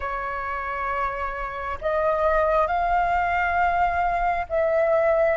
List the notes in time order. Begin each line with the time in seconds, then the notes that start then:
0.00 C#5
1.81 D#5
2.67 F5
4.49 E5